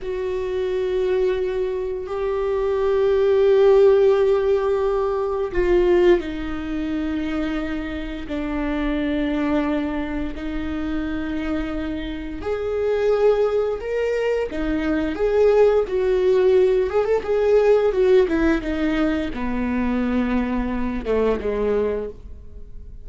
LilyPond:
\new Staff \with { instrumentName = "viola" } { \time 4/4 \tempo 4 = 87 fis'2. g'4~ | g'1 | f'4 dis'2. | d'2. dis'4~ |
dis'2 gis'2 | ais'4 dis'4 gis'4 fis'4~ | fis'8 gis'16 a'16 gis'4 fis'8 e'8 dis'4 | b2~ b8 a8 gis4 | }